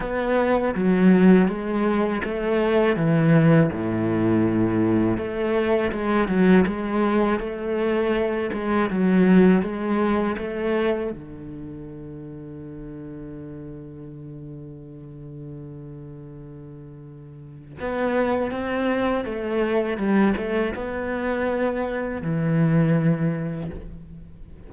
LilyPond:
\new Staff \with { instrumentName = "cello" } { \time 4/4 \tempo 4 = 81 b4 fis4 gis4 a4 | e4 a,2 a4 | gis8 fis8 gis4 a4. gis8 | fis4 gis4 a4 d4~ |
d1~ | d1 | b4 c'4 a4 g8 a8 | b2 e2 | }